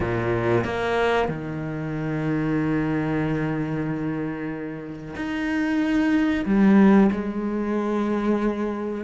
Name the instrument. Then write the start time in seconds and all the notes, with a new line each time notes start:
cello
0.00 A#2
0.64 A#3
1.28 D#3
5.16 D#4
6.45 G3
7.11 G#3